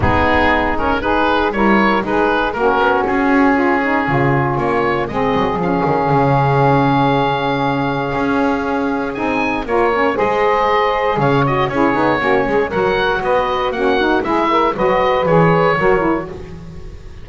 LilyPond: <<
  \new Staff \with { instrumentName = "oboe" } { \time 4/4 \tempo 4 = 118 gis'4. ais'8 b'4 cis''4 | b'4 ais'4 gis'2~ | gis'4 cis''4 dis''4 f''4~ | f''1~ |
f''2 gis''4 cis''4 | dis''2 f''8 dis''8 cis''4~ | cis''4 fis''4 dis''4 fis''4 | e''4 dis''4 cis''2 | }
  \new Staff \with { instrumentName = "saxophone" } { \time 4/4 dis'2 gis'4 ais'4 | gis'4 fis'2 f'8 dis'8 | f'2 gis'2~ | gis'1~ |
gis'2. ais'4 | c''2 cis''4 gis'4 | fis'8 gis'8 ais'4 b'4 fis'4 | gis'8 ais'8 b'2 ais'4 | }
  \new Staff \with { instrumentName = "saxophone" } { \time 4/4 b4. cis'8 dis'4 e'4 | dis'4 cis'2.~ | cis'2 c'4 cis'4~ | cis'1~ |
cis'2 dis'4 f'8 cis'8 | gis'2~ gis'8 fis'8 e'8 dis'8 | cis'4 fis'2 cis'8 dis'8 | e'4 fis'4 gis'4 fis'8 e'8 | }
  \new Staff \with { instrumentName = "double bass" } { \time 4/4 gis2. g4 | gis4 ais8 b8 cis'2 | cis4 ais4 gis8 fis8 f8 dis8 | cis1 |
cis'2 c'4 ais4 | gis2 cis4 cis'8 b8 | ais8 gis8 fis4 b4 ais4 | gis4 fis4 e4 fis4 | }
>>